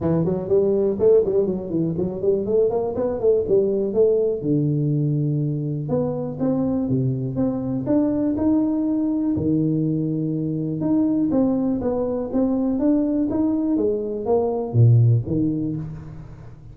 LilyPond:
\new Staff \with { instrumentName = "tuba" } { \time 4/4 \tempo 4 = 122 e8 fis8 g4 a8 g8 fis8 e8 | fis8 g8 a8 ais8 b8 a8 g4 | a4 d2. | b4 c'4 c4 c'4 |
d'4 dis'2 dis4~ | dis2 dis'4 c'4 | b4 c'4 d'4 dis'4 | gis4 ais4 ais,4 dis4 | }